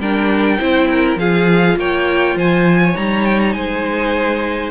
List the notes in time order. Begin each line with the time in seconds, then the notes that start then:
0.00 G3 D4 A#4 G5
0.59 C4 E4 C5
0.91 A#4
1.16 F3 F4 G#4 F5
1.77 A#3 C#5 G5
2.36 F3 C5 G#5
2.83 C#5
2.96 G3 D#4 A#5
3.26 G5
3.39 A#5
3.53 G#3 C5 G#5